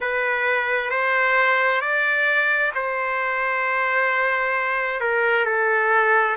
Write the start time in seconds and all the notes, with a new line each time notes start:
0.00 B4
0.90 C5
1.81 D5
2.74 C5
5.00 A#4
5.45 A4